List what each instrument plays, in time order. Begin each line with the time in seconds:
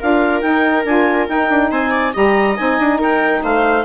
0.00 bassoon D4, saxophone F4, viola A#4, clarinet F5
0.42 saxophone D#4, bassoon D#4, clarinet G5
0.85 bassoon D4, saxophone F4, clarinet G#5
1.29 bassoon D#4, saxophone D#4, clarinet G5
1.50 bassoon D4
1.71 bassoon C4, viola C5, clarinet G#5
1.91 viola D5
2.13 bassoon G3, saxophone G4, viola D#5, clarinet A#5
2.56 bassoon C4, saxophone D#4, clarinet G#5
2.80 bassoon D4
2.99 bassoon D#4, viola A#4, clarinet G5
3.43 bassoon A3, viola C5, clarinet F5